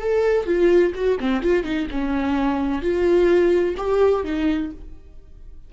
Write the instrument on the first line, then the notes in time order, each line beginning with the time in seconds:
viola
0.00 A4
0.46 F4
0.95 F#4
1.20 C4
1.42 F4
1.63 D#4
1.91 C#4
2.82 F4
3.77 G4
4.24 D#4